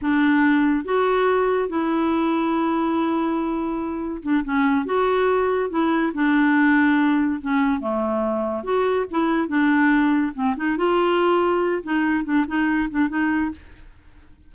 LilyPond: \new Staff \with { instrumentName = "clarinet" } { \time 4/4 \tempo 4 = 142 d'2 fis'2 | e'1~ | e'2 d'8 cis'4 fis'8~ | fis'4. e'4 d'4.~ |
d'4. cis'4 a4.~ | a8 fis'4 e'4 d'4.~ | d'8 c'8 dis'8 f'2~ f'8 | dis'4 d'8 dis'4 d'8 dis'4 | }